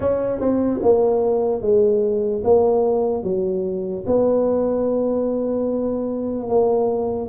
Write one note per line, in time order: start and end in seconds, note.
0.00 0.39 C#4
0.39 0.80 C4
0.82 1.61 A#3
1.61 2.43 G#3
2.44 3.23 A#3
3.23 4.04 F#3
4.06 6.49 B3
6.49 7.29 A#3